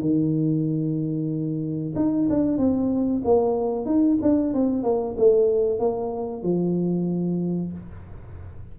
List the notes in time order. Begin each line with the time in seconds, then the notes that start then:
0.00 D#3
1.95 D#4
2.29 D4
2.57 C4
3.24 A#3
3.85 D#4
4.21 D4
4.53 C4
4.83 A#3
5.17 A3
5.79 A#3
6.42 F3